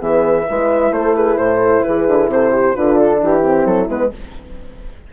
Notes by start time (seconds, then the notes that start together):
0.00 E3 B3 G#4 E5
0.48 G#3 E4 B4
0.91 A3 A4 C5
1.15 G#4 B4
1.36 A2 A4 C5
1.83 E3 G#4 B4
2.07 D3
2.27 C3 A4 C5
2.52 G4
2.75 D3 D4 F4 B4
2.98 A4
3.19 E3 E4 G4
3.41 C4
3.65 F#3 A4
3.88 G#3 B3 B4